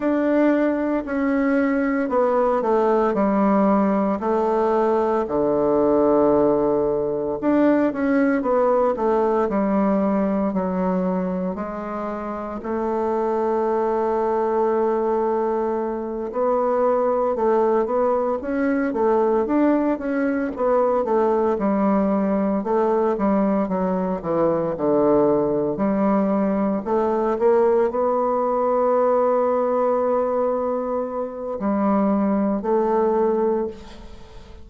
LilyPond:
\new Staff \with { instrumentName = "bassoon" } { \time 4/4 \tempo 4 = 57 d'4 cis'4 b8 a8 g4 | a4 d2 d'8 cis'8 | b8 a8 g4 fis4 gis4 | a2.~ a8 b8~ |
b8 a8 b8 cis'8 a8 d'8 cis'8 b8 | a8 g4 a8 g8 fis8 e8 d8~ | d8 g4 a8 ais8 b4.~ | b2 g4 a4 | }